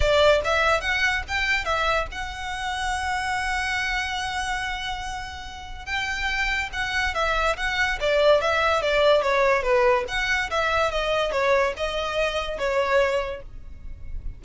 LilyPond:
\new Staff \with { instrumentName = "violin" } { \time 4/4 \tempo 4 = 143 d''4 e''4 fis''4 g''4 | e''4 fis''2.~ | fis''1~ | fis''2 g''2 |
fis''4 e''4 fis''4 d''4 | e''4 d''4 cis''4 b'4 | fis''4 e''4 dis''4 cis''4 | dis''2 cis''2 | }